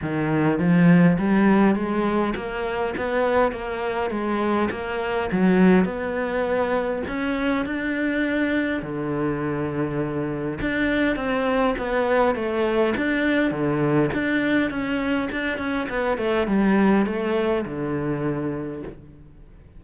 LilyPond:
\new Staff \with { instrumentName = "cello" } { \time 4/4 \tempo 4 = 102 dis4 f4 g4 gis4 | ais4 b4 ais4 gis4 | ais4 fis4 b2 | cis'4 d'2 d4~ |
d2 d'4 c'4 | b4 a4 d'4 d4 | d'4 cis'4 d'8 cis'8 b8 a8 | g4 a4 d2 | }